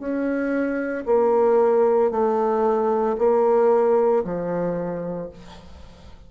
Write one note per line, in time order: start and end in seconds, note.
0.00 1.05 C#4
1.06 2.11 A#3
2.11 3.17 A3
3.19 4.24 A#3
4.24 5.30 F3